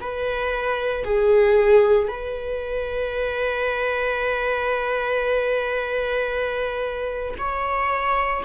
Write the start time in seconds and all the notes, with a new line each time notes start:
0.00 B4
1.04 G#4
2.08 B4
7.38 C#5